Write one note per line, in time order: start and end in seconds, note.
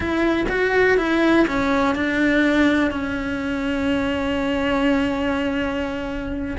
0.00 0.46 E4
0.48 0.97 F#4
0.97 1.46 E4
1.47 1.95 C#4
1.95 2.90 D4
2.90 6.56 C#4